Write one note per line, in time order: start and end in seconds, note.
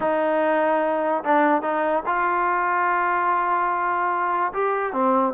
0.00 1.23 D#4
1.23 1.62 D4
1.62 2.03 D#4
2.06 4.52 F4
4.53 4.92 G4
4.92 5.33 C4